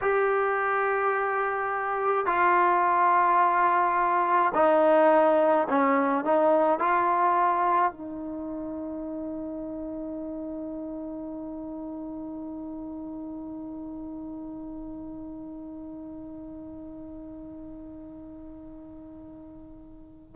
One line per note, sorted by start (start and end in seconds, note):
0.01 2.25 G4
2.25 4.52 F4
4.54 5.67 D#4
5.69 6.24 C#4
6.24 6.79 D#4
6.79 7.92 F4
7.92 20.35 D#4